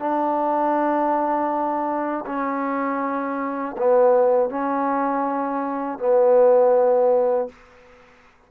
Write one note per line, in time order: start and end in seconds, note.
0.00 2.25 D4
2.26 3.76 C#4
3.78 4.50 B3
4.50 5.99 C#4
5.99 7.49 B3